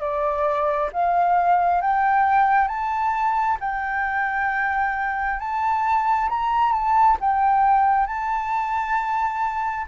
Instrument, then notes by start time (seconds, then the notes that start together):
flute
0.00 D5
0.92 F5
1.81 G5
2.67 A5
3.60 G5
5.39 A5
6.29 A#5
6.72 A5
7.20 G5
8.06 A5